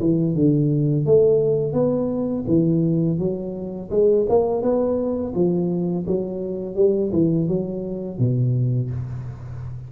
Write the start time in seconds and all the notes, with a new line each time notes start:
0.00 E3
0.35 D3
1.06 A3
1.73 B3
2.48 E3
3.19 F#3
3.91 G#3
4.29 A#3
4.62 B3
5.34 F3
6.07 F#3
6.76 G3
7.13 E3
7.48 F#3
8.19 B2